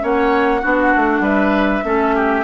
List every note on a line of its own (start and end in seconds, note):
0.00 0.64 A#3
0.00 0.61 C#4
0.00 0.61 C#5
0.00 1.25 F#5
0.61 0.94 B3
0.61 1.84 D4
0.61 1.22 F#4
0.96 1.20 A3
1.20 1.81 G3
1.20 1.84 B4
1.20 2.44 E5
1.84 2.44 A3
1.84 2.44 C#4
1.84 2.15 A4
2.15 2.44 G4